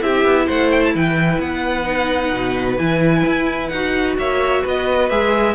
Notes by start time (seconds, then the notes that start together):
0.00 C4 E4 G4 E5
0.24 B3
0.46 A3 C5 F#5
0.71 G5
0.83 A5
0.94 E3 B4 G5
1.39 B3 F#5
1.84 D#4
2.32 B2
2.77 E3 E4 G#5
3.25 E4
3.68 D#4 F#5
3.74 F#4
4.17 A#3 C#5 E5
4.62 B3 B4 D#5
5.10 G#3 G#4 E5